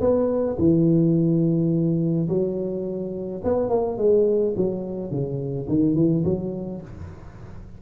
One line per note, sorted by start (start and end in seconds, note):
0.00 0.57 B3
0.58 2.28 E3
2.28 3.41 F#3
3.43 3.69 B3
3.69 3.97 A#3
3.97 4.54 G#3
4.56 5.10 F#3
5.10 5.67 C#3
5.68 5.95 D#3
5.95 6.23 E3
6.24 6.81 F#3